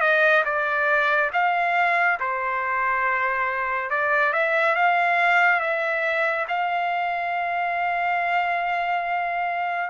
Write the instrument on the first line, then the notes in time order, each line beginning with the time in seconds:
trumpet
0.00 D#5
0.44 D5
1.33 F5
2.19 C5
3.90 D5
4.32 E5
4.75 F5
5.60 E5
6.48 F5